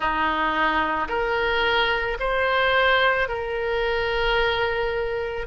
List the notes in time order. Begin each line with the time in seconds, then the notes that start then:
0.00 D#4
1.08 A#4
2.19 C5
3.28 A#4